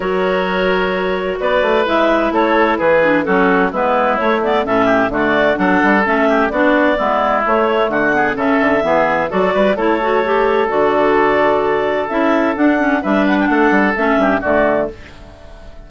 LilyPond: <<
  \new Staff \with { instrumentName = "clarinet" } { \time 4/4 \tempo 4 = 129 cis''2. d''4 | e''4 cis''4 b'4 a'4 | b'4 cis''8 d''8 e''4 d''4 | fis''4 e''4 d''2 |
cis''4 fis''4 e''2 | d''4 cis''2 d''4~ | d''2 e''4 fis''4 | e''8 fis''16 g''16 fis''4 e''4 d''4 | }
  \new Staff \with { instrumentName = "oboe" } { \time 4/4 ais'2. b'4~ | b'4 a'4 gis'4 fis'4 | e'2 a'8 g'8 fis'4 | a'4. g'8 fis'4 e'4~ |
e'4 fis'8 gis'8 a'4 gis'4 | a'8 b'8 a'2.~ | a'1 | b'4 a'4. g'8 fis'4 | }
  \new Staff \with { instrumentName = "clarinet" } { \time 4/4 fis'1 | e'2~ e'8 d'8 cis'4 | b4 a8 b8 cis'4 a4 | d'4 cis'4 d'4 b4 |
a4. b8 cis'4 b4 | fis'4 e'8 fis'8 g'4 fis'4~ | fis'2 e'4 d'8 cis'8 | d'2 cis'4 a4 | }
  \new Staff \with { instrumentName = "bassoon" } { \time 4/4 fis2. b8 a8 | gis4 a4 e4 fis4 | gis4 a4 a,4 d4 | fis8 g8 a4 b4 gis4 |
a4 d4 cis8 d8 e4 | fis8 g8 a2 d4~ | d2 cis'4 d'4 | g4 a8 g8 a8 g,8 d4 | }
>>